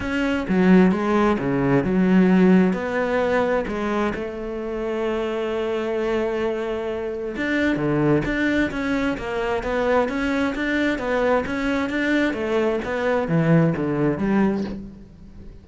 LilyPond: \new Staff \with { instrumentName = "cello" } { \time 4/4 \tempo 4 = 131 cis'4 fis4 gis4 cis4 | fis2 b2 | gis4 a2.~ | a1 |
d'4 d4 d'4 cis'4 | ais4 b4 cis'4 d'4 | b4 cis'4 d'4 a4 | b4 e4 d4 g4 | }